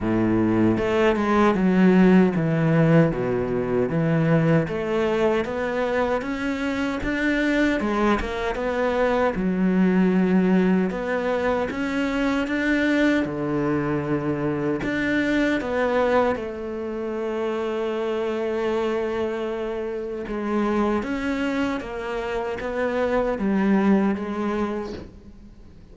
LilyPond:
\new Staff \with { instrumentName = "cello" } { \time 4/4 \tempo 4 = 77 a,4 a8 gis8 fis4 e4 | b,4 e4 a4 b4 | cis'4 d'4 gis8 ais8 b4 | fis2 b4 cis'4 |
d'4 d2 d'4 | b4 a2.~ | a2 gis4 cis'4 | ais4 b4 g4 gis4 | }